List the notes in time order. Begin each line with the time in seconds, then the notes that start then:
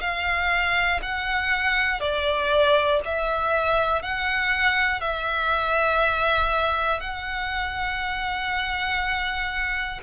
0.00 F5
1.02 F#5
2.00 D5
3.05 E5
4.02 F#5
5.01 E5
7.00 F#5